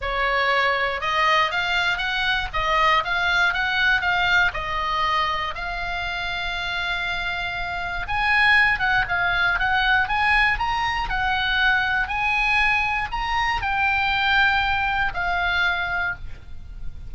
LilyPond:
\new Staff \with { instrumentName = "oboe" } { \time 4/4 \tempo 4 = 119 cis''2 dis''4 f''4 | fis''4 dis''4 f''4 fis''4 | f''4 dis''2 f''4~ | f''1 |
gis''4. fis''8 f''4 fis''4 | gis''4 ais''4 fis''2 | gis''2 ais''4 g''4~ | g''2 f''2 | }